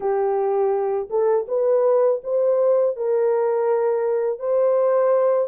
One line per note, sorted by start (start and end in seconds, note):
0.00 1.08 G4
1.09 1.46 A4
1.48 2.21 B4
2.23 2.96 C5
2.96 4.39 A#4
4.39 5.48 C5